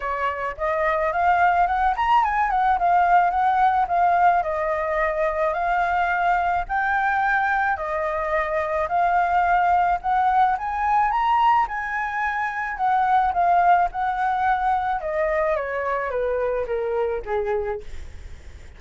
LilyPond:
\new Staff \with { instrumentName = "flute" } { \time 4/4 \tempo 4 = 108 cis''4 dis''4 f''4 fis''8 ais''8 | gis''8 fis''8 f''4 fis''4 f''4 | dis''2 f''2 | g''2 dis''2 |
f''2 fis''4 gis''4 | ais''4 gis''2 fis''4 | f''4 fis''2 dis''4 | cis''4 b'4 ais'4 gis'4 | }